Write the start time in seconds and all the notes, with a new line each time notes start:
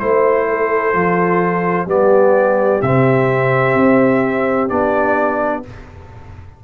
0.00 A3 E4 C5
0.49 A4
0.94 F3 F4
1.86 G3 B3 G4 D5
2.82 C3 C4 E5
3.75 C4
4.69 B3 D4 D5